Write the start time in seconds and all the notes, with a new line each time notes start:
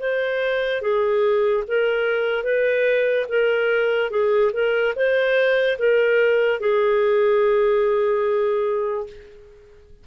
0.00 C5
0.82 G#4
1.68 A#4
2.44 B4
3.29 A#4
4.11 G#4
4.53 A#4
4.96 C5
5.79 A#4
6.61 G#4